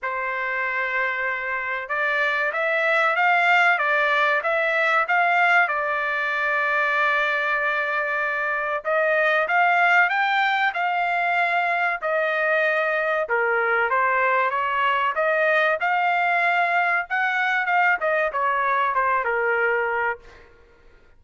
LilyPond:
\new Staff \with { instrumentName = "trumpet" } { \time 4/4 \tempo 4 = 95 c''2. d''4 | e''4 f''4 d''4 e''4 | f''4 d''2.~ | d''2 dis''4 f''4 |
g''4 f''2 dis''4~ | dis''4 ais'4 c''4 cis''4 | dis''4 f''2 fis''4 | f''8 dis''8 cis''4 c''8 ais'4. | }